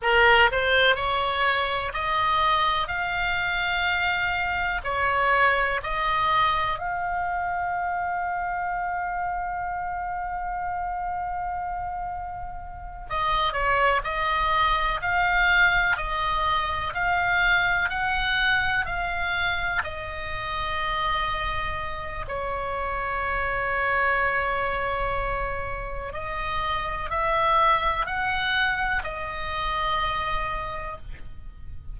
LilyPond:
\new Staff \with { instrumentName = "oboe" } { \time 4/4 \tempo 4 = 62 ais'8 c''8 cis''4 dis''4 f''4~ | f''4 cis''4 dis''4 f''4~ | f''1~ | f''4. dis''8 cis''8 dis''4 f''8~ |
f''8 dis''4 f''4 fis''4 f''8~ | f''8 dis''2~ dis''8 cis''4~ | cis''2. dis''4 | e''4 fis''4 dis''2 | }